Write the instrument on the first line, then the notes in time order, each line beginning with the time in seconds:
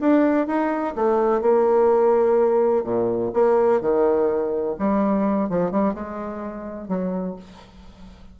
bassoon
0.00 D4
0.47 D#4
0.95 A3
1.41 A#3
2.84 A#2
3.33 A#3
3.81 D#3
4.79 G3
5.49 F3
5.71 G3
5.94 G#3
6.88 F#3